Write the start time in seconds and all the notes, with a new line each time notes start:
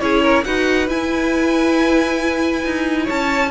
0.00 C#4 E4 G#4 C#5
0.22 A#4
0.44 D#4 F#4 B4 F#5
0.88 E4 G#5
2.65 D#4
3.04 C#4 C#5 A5